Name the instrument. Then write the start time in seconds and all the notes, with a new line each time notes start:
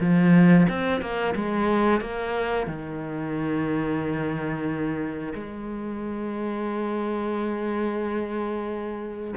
cello
0.00 F3
0.69 C4
1.01 A#3
1.35 G#3
2.01 A#3
2.67 D#3
5.35 G#3